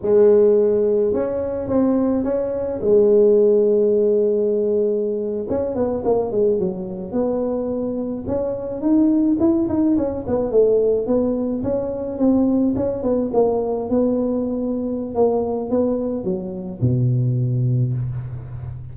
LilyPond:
\new Staff \with { instrumentName = "tuba" } { \time 4/4 \tempo 4 = 107 gis2 cis'4 c'4 | cis'4 gis2.~ | gis4.~ gis16 cis'8 b8 ais8 gis8 fis16~ | fis8. b2 cis'4 dis'16~ |
dis'8. e'8 dis'8 cis'8 b8 a4 b16~ | b8. cis'4 c'4 cis'8 b8 ais16~ | ais8. b2~ b16 ais4 | b4 fis4 b,2 | }